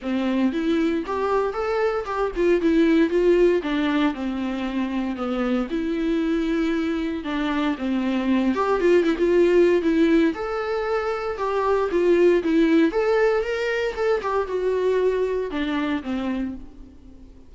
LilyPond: \new Staff \with { instrumentName = "viola" } { \time 4/4 \tempo 4 = 116 c'4 e'4 g'4 a'4 | g'8 f'8 e'4 f'4 d'4 | c'2 b4 e'4~ | e'2 d'4 c'4~ |
c'8 g'8 f'8 e'16 f'4~ f'16 e'4 | a'2 g'4 f'4 | e'4 a'4 ais'4 a'8 g'8 | fis'2 d'4 c'4 | }